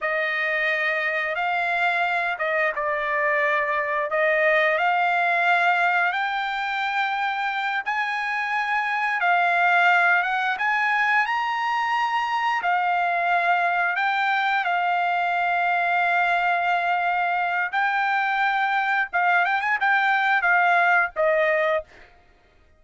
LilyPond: \new Staff \with { instrumentName = "trumpet" } { \time 4/4 \tempo 4 = 88 dis''2 f''4. dis''8 | d''2 dis''4 f''4~ | f''4 g''2~ g''8 gis''8~ | gis''4. f''4. fis''8 gis''8~ |
gis''8 ais''2 f''4.~ | f''8 g''4 f''2~ f''8~ | f''2 g''2 | f''8 g''16 gis''16 g''4 f''4 dis''4 | }